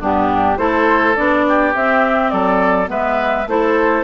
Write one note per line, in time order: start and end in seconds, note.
0.00 0.58 G2
0.00 0.57 B3
0.00 0.58 D4
0.00 0.57 G4
0.57 1.15 A3
0.57 1.15 E4
0.57 1.45 A4
0.57 1.15 C5
1.15 1.74 B3
1.15 1.73 D4
1.15 1.73 D5
1.48 2.32 G4
1.74 2.32 C4
1.74 2.86 C4
1.74 2.30 E5
2.30 2.88 F#3
2.30 2.89 A4
2.30 2.87 D5
2.86 3.46 G#3
2.86 3.44 B3
2.86 3.47 B4
2.86 3.48 E5
3.46 4.03 A3
3.46 4.03 E4
3.46 4.03 A4
3.46 4.03 C5